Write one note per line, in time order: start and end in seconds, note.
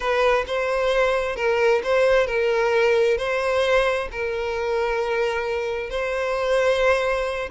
0.00 0.44 B4
0.46 1.36 C5
1.36 1.81 A#4
1.83 2.26 C5
2.26 3.17 A#4
3.17 4.08 C5
4.11 5.90 A#4
5.90 7.49 C5